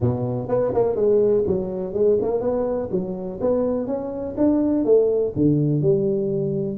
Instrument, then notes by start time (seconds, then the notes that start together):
tuba
0.00 B2
0.48 B3
0.73 A#3
0.95 G#3
1.46 F#3
1.93 G#3
2.21 A#3
2.40 B3
2.91 F#3
3.40 B3
3.87 C#4
4.37 D4
4.84 A3
5.35 D3
5.81 G3